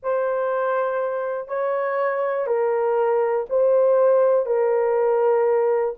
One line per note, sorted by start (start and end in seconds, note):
0.02 1.47 C5
1.47 2.47 C#5
2.47 3.46 A#4
3.49 4.45 C5
4.45 5.94 A#4